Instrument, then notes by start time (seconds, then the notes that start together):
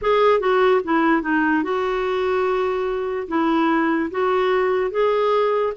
clarinet
0.01 G#4
0.40 F#4
0.84 E4
1.22 D#4
1.63 F#4
3.28 E4
4.11 F#4
4.91 G#4